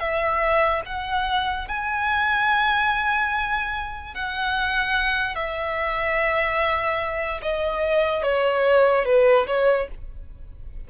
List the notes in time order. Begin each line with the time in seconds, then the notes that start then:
0.00 E5
0.86 F#5
1.68 G#5
4.15 F#5
5.36 E5
7.42 D#5
8.23 C#5
9.06 B4
9.47 C#5